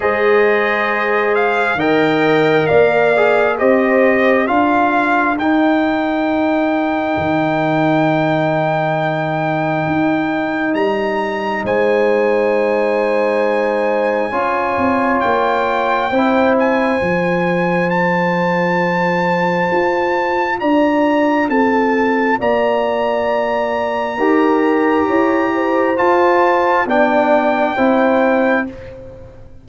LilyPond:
<<
  \new Staff \with { instrumentName = "trumpet" } { \time 4/4 \tempo 4 = 67 dis''4. f''8 g''4 f''4 | dis''4 f''4 g''2~ | g''1 | ais''4 gis''2.~ |
gis''4 g''4. gis''4. | a''2. ais''4 | a''4 ais''2.~ | ais''4 a''4 g''2 | }
  \new Staff \with { instrumentName = "horn" } { \time 4/4 c''2 dis''4 d''4 | c''4 ais'2.~ | ais'1~ | ais'4 c''2. |
cis''2 c''2~ | c''2. d''4 | a'4 d''2 ais'4 | cis''8 c''4. d''4 c''4 | }
  \new Staff \with { instrumentName = "trombone" } { \time 4/4 gis'2 ais'4. gis'8 | g'4 f'4 dis'2~ | dis'1~ | dis'1 |
f'2 e'4 f'4~ | f'1~ | f'2. g'4~ | g'4 f'4 d'4 e'4 | }
  \new Staff \with { instrumentName = "tuba" } { \time 4/4 gis2 dis4 ais4 | c'4 d'4 dis'2 | dis2. dis'4 | g4 gis2. |
cis'8 c'8 ais4 c'4 f4~ | f2 f'4 d'4 | c'4 ais2 dis'4 | e'4 f'4 b4 c'4 | }
>>